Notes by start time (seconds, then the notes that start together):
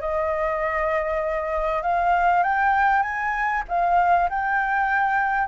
0.00 D#5
1.82 F5
2.43 G5
3.02 G#5
3.68 F5
4.29 G5